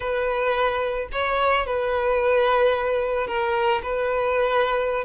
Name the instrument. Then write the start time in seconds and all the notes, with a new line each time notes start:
violin
0.00 B4
1.12 C#5
1.66 B4
3.27 A#4
3.82 B4